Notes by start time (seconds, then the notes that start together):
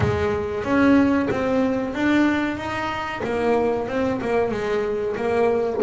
0.00 G#3
0.64 C#4
1.30 C4
1.94 D4
2.57 D#4
3.24 A#3
3.88 C4
4.21 A#3
4.51 G#3
5.16 A#3